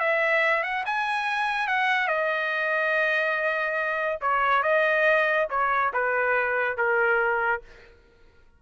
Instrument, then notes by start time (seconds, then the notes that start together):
trumpet
0.00 E5
0.63 F#5
0.86 G#5
1.68 F#5
2.08 D#5
4.21 C#5
4.63 D#5
5.50 C#5
5.94 B4
6.77 A#4